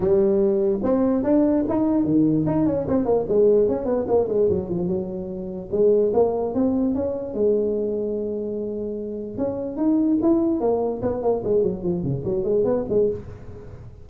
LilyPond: \new Staff \with { instrumentName = "tuba" } { \time 4/4 \tempo 4 = 147 g2 c'4 d'4 | dis'4 dis4 dis'8 cis'8 c'8 ais8 | gis4 cis'8 b8 ais8 gis8 fis8 f8 | fis2 gis4 ais4 |
c'4 cis'4 gis2~ | gis2. cis'4 | dis'4 e'4 ais4 b8 ais8 | gis8 fis8 f8 cis8 fis8 gis8 b8 gis8 | }